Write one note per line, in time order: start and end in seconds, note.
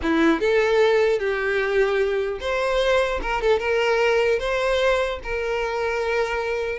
0.02 0.39 E4
0.39 1.19 A4
1.19 2.39 G4
2.40 3.20 C5
3.21 3.41 A#4
3.41 3.59 A4
3.59 4.39 A#4
4.39 5.19 C5
5.23 6.78 A#4